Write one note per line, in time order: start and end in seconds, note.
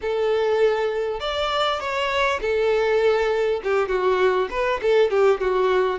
0.01 1.20 A4
1.20 1.80 D5
1.80 2.40 C#5
2.41 3.61 A4
3.63 3.88 G4
3.88 4.48 F#4
4.50 4.80 B4
4.82 5.10 A4
5.10 5.40 G4
5.40 5.99 F#4